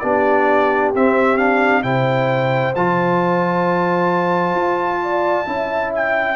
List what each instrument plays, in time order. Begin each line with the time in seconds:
0.00 tuba B3, trombone D4, horn G4, trumpet D5
0.95 tuba C4, trombone C4, trumpet E5
1.37 trombone D4, trumpet F5
1.83 tuba C3, trombone E4, horn C5, trumpet G5
2.76 tuba F3, trombone F4, trumpet A5
4.55 tuba F4
5.03 horn D5
5.46 tuba C#4, trombone E4, horn E5
5.95 trumpet G5